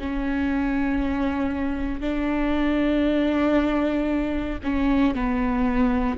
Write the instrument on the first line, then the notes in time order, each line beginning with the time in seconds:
viola
0.00 C#4
2.01 D4
4.64 C#4
5.15 B3